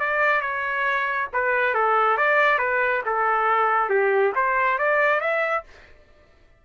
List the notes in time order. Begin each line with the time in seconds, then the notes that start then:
0.00 D5
0.42 C#5
1.33 B4
1.75 A4
2.18 D5
2.59 B4
3.06 A4
3.90 G4
4.36 C5
4.79 D5
5.21 E5